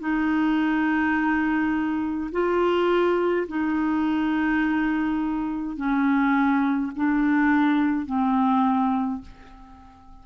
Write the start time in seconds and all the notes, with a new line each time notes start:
0.00 D#4
2.32 F4
3.48 D#4
5.77 C#4
6.97 D4
8.06 C4